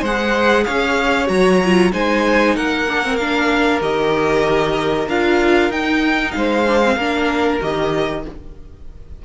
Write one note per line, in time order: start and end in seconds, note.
0.00 0.65 G#3
0.00 0.63 C5
0.00 0.64 F#5
0.06 1.26 G#4
0.64 1.29 C#4
0.64 1.92 C#5
0.64 1.27 F5
1.26 1.92 F#3
1.26 1.58 F#4
1.26 1.91 A#5
1.64 1.91 F4
1.91 2.56 G#3
1.91 2.86 D#4
1.91 2.55 C5
1.91 2.56 G#5
2.55 3.81 A#3
2.55 6.34 A#4
2.55 3.16 F#5
2.88 3.03 D4
3.03 3.19 C4
3.16 3.81 D4
3.16 3.79 F5
3.81 5.07 D#3
3.81 5.07 G4
3.81 5.08 D#5
5.07 5.70 D4
5.07 5.71 F4
5.07 5.71 F5
5.70 6.33 D#4
5.70 6.66 D#4
5.70 6.31 G5
6.31 6.96 G#3
6.31 6.96 C5
6.31 7.57 F5
6.66 6.82 D4
6.83 6.99 C4
6.96 7.59 A#3
6.96 7.60 D4
6.96 8.22 A#4
7.60 8.25 D#3
7.60 8.23 G4
7.60 8.24 D#5